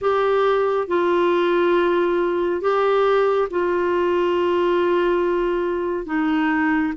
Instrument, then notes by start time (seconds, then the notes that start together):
clarinet
0.01 G4
0.87 F4
2.61 G4
3.50 F4
6.06 D#4